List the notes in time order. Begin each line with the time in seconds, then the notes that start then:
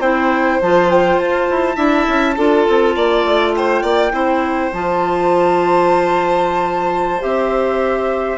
0.00 C4 E4 C5 G5
0.61 F3 F4 A5
0.91 G5
1.18 F4 A5
1.50 E4
1.76 D4 E4 E5
2.08 C#4
2.37 D4 F4 A4
2.69 C4
2.96 A#3 D5
3.25 A3
3.56 C5 G5
3.83 A#3 D5
4.12 C4 E4 C5
4.73 F3 F4 A5
7.20 C4 G4 E5